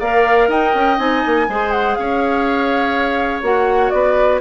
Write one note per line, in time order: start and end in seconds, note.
0.00 0.48 A#3
0.00 0.98 A#4
0.00 0.49 D5
0.00 0.49 F5
0.48 0.73 D#4
0.48 1.47 D#5
0.48 0.99 G5
0.74 0.98 C#4
0.98 1.23 C4
0.98 1.46 D#4
0.98 1.72 G#5
1.26 1.48 A#3
1.48 1.97 G#3
1.48 3.43 G#4
1.48 1.98 C5
1.72 1.95 F#5
1.95 3.42 C#4
1.95 3.94 C#5
1.95 3.42 F5
3.42 3.91 A#3
3.42 4.41 F#4
3.42 3.90 F#5
3.90 4.41 B3
3.90 4.41 B4
3.90 4.39 D5